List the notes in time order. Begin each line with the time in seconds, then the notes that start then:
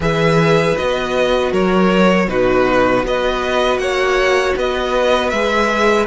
0.00 E3 G#4 B4 E5
0.75 B3 F#4 D#5
1.51 F#3 A#4 C#5
2.27 B2 D#4 F#4 B4
3.03 B3 F#4 B4 D#5
3.77 A#3 C#5 F#5
4.56 B3 B4 D#5
5.30 G#3 G#4 E5